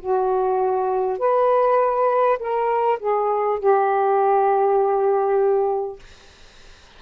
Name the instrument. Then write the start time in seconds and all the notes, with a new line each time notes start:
saxophone
0.00 F#4
1.19 B4
2.39 A#4
2.99 G#4
3.59 G4